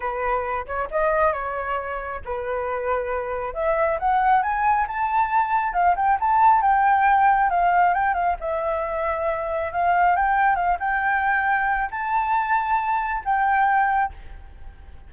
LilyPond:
\new Staff \with { instrumentName = "flute" } { \time 4/4 \tempo 4 = 136 b'4. cis''8 dis''4 cis''4~ | cis''4 b'2. | e''4 fis''4 gis''4 a''4~ | a''4 f''8 g''8 a''4 g''4~ |
g''4 f''4 g''8 f''8 e''4~ | e''2 f''4 g''4 | f''8 g''2~ g''8 a''4~ | a''2 g''2 | }